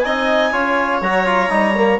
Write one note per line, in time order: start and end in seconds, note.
0.00 0.53 C4
0.00 0.53 D#4
0.00 0.52 D#5
0.00 0.98 G#5
0.52 1.02 C#4
0.52 1.02 F4
0.52 2.00 C#5
1.02 1.50 F#3
1.02 1.26 F#4
1.02 2.00 A#5
1.26 1.50 F4
1.50 2.00 G3
1.50 1.75 D#4
1.75 2.00 A#3